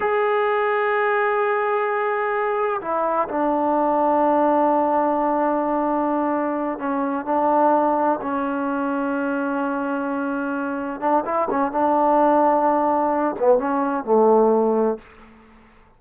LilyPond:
\new Staff \with { instrumentName = "trombone" } { \time 4/4 \tempo 4 = 128 gis'1~ | gis'2 e'4 d'4~ | d'1~ | d'2~ d'8 cis'4 d'8~ |
d'4. cis'2~ cis'8~ | cis'2.~ cis'8 d'8 | e'8 cis'8 d'2.~ | d'8 b8 cis'4 a2 | }